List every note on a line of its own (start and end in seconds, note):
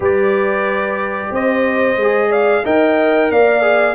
0.00 1.28 G3
0.00 1.96 G4
0.00 1.31 B4
0.00 1.34 D5
1.30 1.96 C4
1.30 2.29 C5
1.30 2.32 D#5
1.96 2.62 G#3
1.96 2.64 G#4
2.29 2.62 D5
2.29 2.65 F5
2.64 3.30 D#4
2.64 3.62 A#4
2.64 3.30 D#5
2.64 3.31 G5
3.30 3.95 A#3
3.30 3.95 D5
3.30 3.95 F5
3.62 3.95 G#4